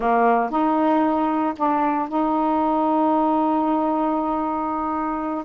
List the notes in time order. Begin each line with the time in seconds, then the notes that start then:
0.00 A#3
0.50 D#4
1.56 D4
2.08 D#4